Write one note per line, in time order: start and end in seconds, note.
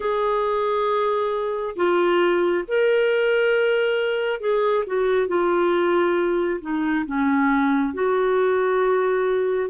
0.00 1.75 G#4
1.76 2.64 F4
2.67 4.40 A#4
4.40 4.84 G#4
4.86 5.27 F#4
5.27 6.60 F4
6.61 7.05 D#4
7.06 7.93 C#4
7.93 9.69 F#4